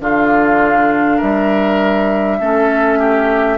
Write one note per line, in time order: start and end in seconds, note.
0.00 1.20 D3
0.00 2.40 D4
0.00 1.17 F4
0.00 1.20 F5
1.17 2.39 G3
1.17 2.37 A#4
1.17 3.58 E5
2.39 3.58 A3
2.39 3.58 C#4
2.39 2.99 A4
2.99 3.58 G4